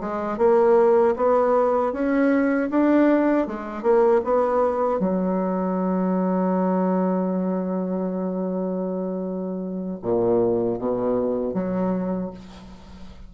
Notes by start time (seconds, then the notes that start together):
0.00 G#3
0.38 A#3
1.16 B3
1.92 C#4
2.70 D4
3.47 G#3
3.83 A#3
4.24 B3
4.99 F#3
10.02 A#2
10.79 B2
11.54 F#3